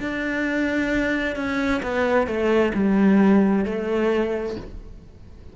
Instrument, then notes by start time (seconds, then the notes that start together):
cello
0.00 D4
1.36 C#4
1.83 B3
2.27 A3
2.74 G3
3.65 A3